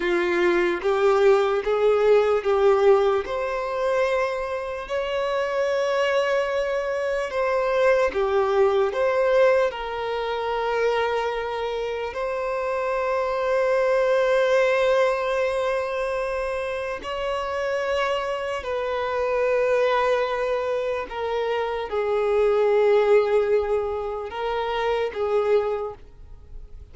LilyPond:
\new Staff \with { instrumentName = "violin" } { \time 4/4 \tempo 4 = 74 f'4 g'4 gis'4 g'4 | c''2 cis''2~ | cis''4 c''4 g'4 c''4 | ais'2. c''4~ |
c''1~ | c''4 cis''2 b'4~ | b'2 ais'4 gis'4~ | gis'2 ais'4 gis'4 | }